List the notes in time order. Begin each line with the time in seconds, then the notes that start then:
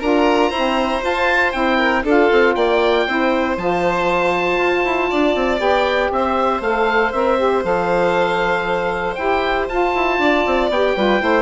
0.00 D4 F4 A#4 A#5
0.50 E4 C5
0.56 C4
1.02 F4 A5
1.52 C4 E4 G5
1.78 A#4
2.04 D4 F4 A4 F5
2.32 C4
2.55 A#3 D5 G5
3.07 C4 E4 C5
3.58 F3 F4 A5
4.58 F4
4.85 E4
5.10 D4 D5
5.35 C4
5.58 B3 G4 G5
6.11 C4 C5 E5
6.61 A3 A4 F5
7.13 C4 A#4 E5
7.38 G4
7.64 F3 A4 F5
9.15 E4 G4 G5
9.69 F4 A5
9.94 E4
10.19 D4 D5
10.47 C4
10.70 B3 G4 G5
10.96 G3 F4 B4
11.20 A3 E4 C5